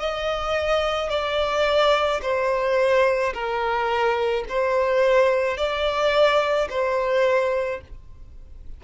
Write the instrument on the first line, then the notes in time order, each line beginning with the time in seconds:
violin
0.00 D#5
1.10 D5
2.22 C5
3.34 A#4
4.49 C5
5.58 D5
6.70 C5